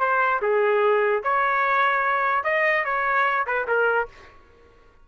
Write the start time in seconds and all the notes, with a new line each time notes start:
0.00 C5
0.42 G#4
1.23 C#5
2.44 D#5
2.85 C#5
3.47 B4
3.67 A#4